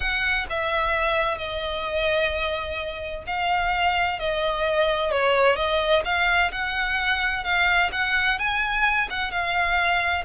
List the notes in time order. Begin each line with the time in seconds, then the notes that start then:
0.00 F#5
0.49 E5
1.37 D#5
3.27 F5
4.19 D#5
5.11 C#5
5.56 D#5
6.04 F5
6.51 F#5
7.44 F5
7.92 F#5
8.38 G#5
9.10 F#5
9.31 F5